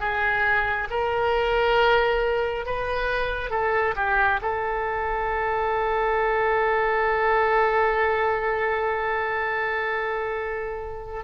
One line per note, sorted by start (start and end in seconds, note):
0.00 0.88 G#4
0.91 2.66 A#4
2.66 3.51 B4
3.51 3.95 A4
3.96 4.40 G4
4.42 11.25 A4